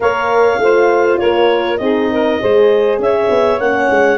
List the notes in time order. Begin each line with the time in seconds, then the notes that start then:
0.00 A#3 A#4 C#5 F5
0.58 A3 F4 C5
1.18 A#3 A#4 C#5
1.77 C4 D#4 G#4 D#5
2.11 A#4
2.39 G#3 G#4 C5
2.98 C#4 C#5 E5
3.30 B3
3.59 A#3 C#4 F#5
3.90 G#3